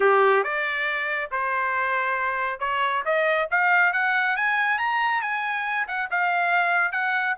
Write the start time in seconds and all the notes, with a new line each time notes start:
0.00 G4
0.43 D5
1.31 C5
2.59 C#5
3.05 D#5
3.50 F5
3.92 F#5
4.36 G#5
4.78 A#5
5.21 G#5
5.87 F#5
6.10 F5
6.92 F#5